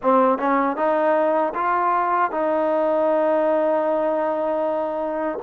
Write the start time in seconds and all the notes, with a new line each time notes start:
0.02 C4
0.38 C#4
0.76 D#4
1.54 F4
2.31 D#4